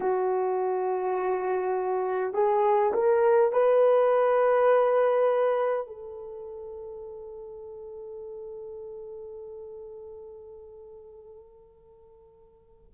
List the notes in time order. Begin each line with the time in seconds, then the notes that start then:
0.00 F#4
2.33 G#4
2.94 A#4
3.52 B4
5.87 A4